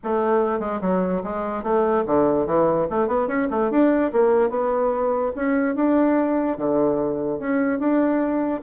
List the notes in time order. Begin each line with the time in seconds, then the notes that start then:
0.03 A3
0.59 G#3
0.81 F#3
1.23 G#3
1.63 A3
2.06 D3
2.46 E3
2.90 A3
3.07 B3
3.27 C#4
3.50 A3
3.70 D4
4.12 A#3
4.49 B3
5.35 C#4
5.75 D4
6.57 D3
7.39 C#4
7.79 D4